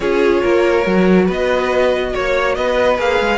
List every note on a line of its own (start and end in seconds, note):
0.00 0.42 C#4
0.00 0.84 F4
0.00 0.42 G#4
0.00 1.27 C#5
0.42 0.86 A#3
0.42 1.25 A#4
0.84 1.28 F#3
0.84 2.96 F#4
1.25 2.14 B3
1.25 2.10 B4
1.31 2.14 D#5
2.12 2.57 A#3
2.12 2.55 C#5
2.12 2.54 C#5
2.54 2.98 B3
2.54 3.38 B4
2.54 2.97 D#5
2.97 3.19 A#3
2.97 3.38 G#4
2.97 3.38 F5
3.20 3.38 G#3